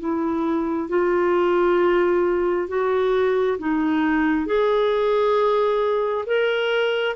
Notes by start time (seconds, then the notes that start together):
0.00 E4
0.89 F4
2.68 F#4
3.59 D#4
4.47 G#4
6.26 A#4